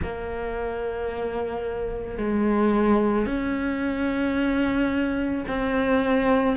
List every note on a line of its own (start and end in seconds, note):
0.02 2.17 A#3
2.17 3.26 G#3
3.26 5.44 C#4
5.48 6.56 C4